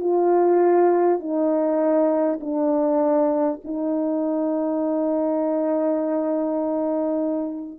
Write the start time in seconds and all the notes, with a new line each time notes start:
0.00 F4
1.19 D#4
2.40 D4
3.63 D#4